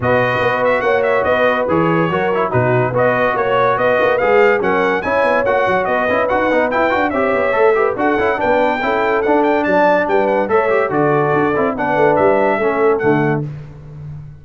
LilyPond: <<
  \new Staff \with { instrumentName = "trumpet" } { \time 4/4 \tempo 4 = 143 dis''4. e''8 fis''8 e''8 dis''4 | cis''2 b'4 dis''4 | cis''4 dis''4 f''4 fis''4 | gis''4 fis''4 dis''4 fis''4 |
g''4 e''2 fis''4 | g''2 fis''8 g''8 a''4 | g''8 fis''8 e''4 d''2 | fis''4 e''2 fis''4 | }
  \new Staff \with { instrumentName = "horn" } { \time 4/4 b'2 cis''4 b'4~ | b'4 ais'4 fis'4 b'4 | cis''4 b'2 ais'4 | cis''2 b'2~ |
b'4 cis''4. b'8 a'4 | b'4 a'2 d''4 | b'4 cis''4 a'2 | b'2 a'2 | }
  \new Staff \with { instrumentName = "trombone" } { \time 4/4 fis'1 | gis'4 fis'8 e'8 dis'4 fis'4~ | fis'2 gis'4 cis'4 | e'4 fis'4. e'8 fis'8 dis'8 |
e'8 fis'8 g'4 a'8 g'8 fis'8 e'8 | d'4 e'4 d'2~ | d'4 a'8 g'8 fis'4. e'8 | d'2 cis'4 a4 | }
  \new Staff \with { instrumentName = "tuba" } { \time 4/4 b,4 b4 ais4 b4 | e4 fis4 b,4 b4 | ais4 b8 ais8 gis4 fis4 | cis'8 b8 ais8 fis8 b8 cis'8 dis'8 b8 |
e'8 d'8 c'8 b8 a4 d'8 cis'8 | b4 cis'4 d'4 fis4 | g4 a4 d4 d'8 c'8 | b8 a8 g4 a4 d4 | }
>>